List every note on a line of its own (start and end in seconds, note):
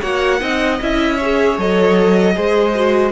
0.00 0.41 A#3
0.00 0.40 F#4
0.00 0.39 C#5
0.00 0.79 F#5
0.40 0.80 C4
0.40 0.79 D#4
0.40 1.16 D#5
0.81 1.57 C#4
0.81 1.20 E4
0.81 1.59 E5
1.16 1.58 G#4
1.16 2.33 C#5
1.57 2.35 F#3
1.57 2.34 A4
1.57 3.12 D#5
2.34 3.12 G#3
2.34 2.73 G#4
2.34 3.12 C5
2.75 3.12 F#4